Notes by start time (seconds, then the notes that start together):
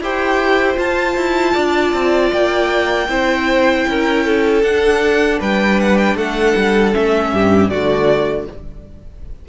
0.00 E4 G4 C5 G5
0.75 F4 A5
1.16 E4
1.53 D4 D5
1.93 C4
2.32 A#3 G5
3.08 C4 E4 C5
3.87 C#4 A#4
4.25 A4
4.62 D4 F#5
5.39 G3 B4 G5
5.80 F#5
5.97 G5
6.15 A3 A4 F#5
6.56 G3
6.93 A3 C#4 E5
7.32 G2 G4
7.69 D3 A3 F#4 D5